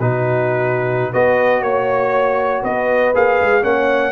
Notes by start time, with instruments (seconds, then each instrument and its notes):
0.00 tuba B2, trombone D#4, horn F#4, trumpet B4
1.13 tuba B3, trombone F#4, horn B4, trumpet D#5
1.62 tuba A#3, trumpet C#5, horn C#5
2.63 tuba B3, horn B4, trumpet D#5
3.14 tuba A#3, trombone G#4, trumpet F5
3.41 tuba G#3
3.62 tuba A#3, trombone C#4, horn C#5, trumpet F#5